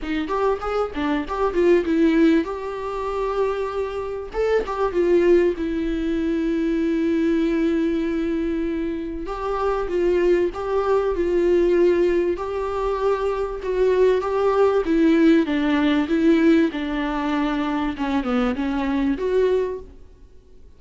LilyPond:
\new Staff \with { instrumentName = "viola" } { \time 4/4 \tempo 4 = 97 dis'8 g'8 gis'8 d'8 g'8 f'8 e'4 | g'2. a'8 g'8 | f'4 e'2.~ | e'2. g'4 |
f'4 g'4 f'2 | g'2 fis'4 g'4 | e'4 d'4 e'4 d'4~ | d'4 cis'8 b8 cis'4 fis'4 | }